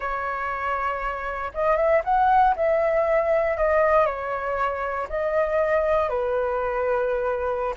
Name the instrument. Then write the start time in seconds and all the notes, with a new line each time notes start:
flute
0.00 C#5
1.54 D#5
1.76 E5
2.04 F#5
2.55 E5
3.57 D#5
4.05 C#5
5.09 D#5
6.09 B4